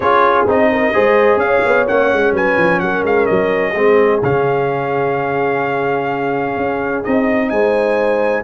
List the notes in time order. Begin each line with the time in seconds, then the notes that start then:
0.00 C#4 F4 G#4 C#5
0.46 C4 D#4 D#5
0.71 A#4
0.93 G#3 G#4 C5
1.36 C#4 C#5 F5
1.65 B3
1.86 A#3 C#4 F#5
2.12 G#3
2.32 F#3 B4 G#5
2.57 F3
2.79 F#3 A#4 F#5
3.03 G#3 F5
3.26 F#3 D#5
3.73 G#3 C4 G#4
4.22 C#3 C#4 F5
6.56 C#4
7.04 C4 D#4 D#5
7.49 G#3 C5 G#5